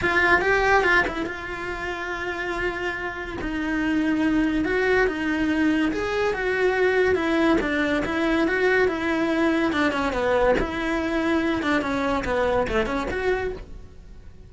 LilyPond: \new Staff \with { instrumentName = "cello" } { \time 4/4 \tempo 4 = 142 f'4 g'4 f'8 e'8 f'4~ | f'1 | dis'2. fis'4 | dis'2 gis'4 fis'4~ |
fis'4 e'4 d'4 e'4 | fis'4 e'2 d'8 cis'8 | b4 e'2~ e'8 d'8 | cis'4 b4 a8 cis'8 fis'4 | }